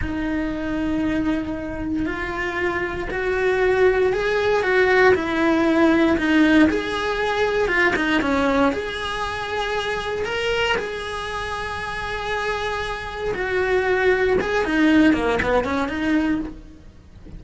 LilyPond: \new Staff \with { instrumentName = "cello" } { \time 4/4 \tempo 4 = 117 dis'1 | f'2 fis'2 | gis'4 fis'4 e'2 | dis'4 gis'2 f'8 dis'8 |
cis'4 gis'2. | ais'4 gis'2.~ | gis'2 fis'2 | gis'8 dis'4 ais8 b8 cis'8 dis'4 | }